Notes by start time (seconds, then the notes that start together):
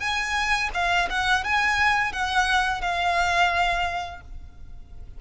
0.00 G#5
0.74 F5
1.10 F#5
1.44 G#5
2.12 F#5
2.82 F5